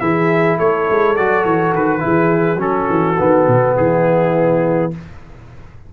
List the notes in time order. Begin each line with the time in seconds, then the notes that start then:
0.00 E3 E4 G#4 E5
0.57 A3 A4 C#5
0.90 G#3
1.16 F#3 F#4 D5
1.44 E3 C#5
1.73 D#3 B4
1.99 E4 G#4
2.05 E3
2.56 F#3 C#4 A4
2.62 F#4
2.90 E3
3.18 D#3 B3
3.47 B2
3.76 E3 E4 G#4